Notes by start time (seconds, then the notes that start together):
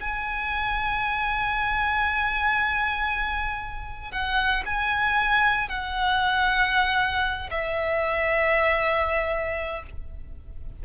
0.00 G#5
4.11 F#5
4.66 G#5
5.69 F#5
7.50 E5